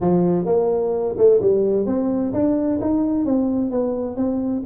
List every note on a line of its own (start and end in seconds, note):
0.00 0.45 F3
0.45 1.15 A#3
1.17 1.40 A3
1.41 1.86 G3
1.86 2.32 C4
2.33 2.79 D4
2.80 3.25 D#4
3.25 3.71 C4
3.71 4.16 B3
4.16 4.63 C4